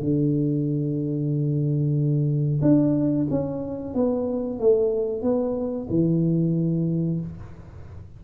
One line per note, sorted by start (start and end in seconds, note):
0.00 2.61 D3
2.62 3.27 D4
3.30 3.95 C#4
3.95 4.60 B3
4.60 5.22 A3
5.22 5.88 B3
5.90 7.21 E3